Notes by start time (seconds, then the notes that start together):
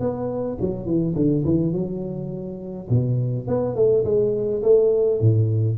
0.00 B3
0.61 F#3
0.85 E3
1.15 D3
1.45 E3
1.73 F#3
2.89 B2
3.47 B3
3.75 A3
4.05 G#3
4.63 A3
5.20 A2